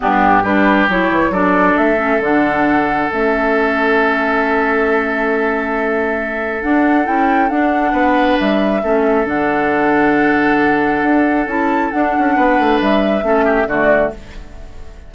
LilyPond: <<
  \new Staff \with { instrumentName = "flute" } { \time 4/4 \tempo 4 = 136 g'4 b'4 cis''4 d''4 | e''4 fis''2 e''4~ | e''1~ | e''2. fis''4 |
g''4 fis''2 e''4~ | e''4 fis''2.~ | fis''2 a''4 fis''4~ | fis''4 e''2 d''4 | }
  \new Staff \with { instrumentName = "oboe" } { \time 4/4 d'4 g'2 a'4~ | a'1~ | a'1~ | a'1~ |
a'2 b'2 | a'1~ | a'1 | b'2 a'8 g'8 fis'4 | }
  \new Staff \with { instrumentName = "clarinet" } { \time 4/4 b4 d'4 e'4 d'4~ | d'8 cis'8 d'2 cis'4~ | cis'1~ | cis'2. d'4 |
e'4 d'2. | cis'4 d'2.~ | d'2 e'4 d'4~ | d'2 cis'4 a4 | }
  \new Staff \with { instrumentName = "bassoon" } { \time 4/4 g,4 g4 fis8 e8 fis4 | a4 d2 a4~ | a1~ | a2. d'4 |
cis'4 d'4 b4 g4 | a4 d2.~ | d4 d'4 cis'4 d'8 cis'8 | b8 a8 g4 a4 d4 | }
>>